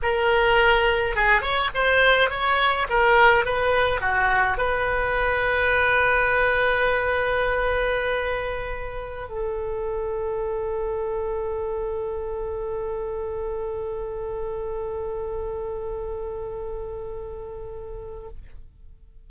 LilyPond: \new Staff \with { instrumentName = "oboe" } { \time 4/4 \tempo 4 = 105 ais'2 gis'8 cis''8 c''4 | cis''4 ais'4 b'4 fis'4 | b'1~ | b'1~ |
b'16 a'2.~ a'8.~ | a'1~ | a'1~ | a'1 | }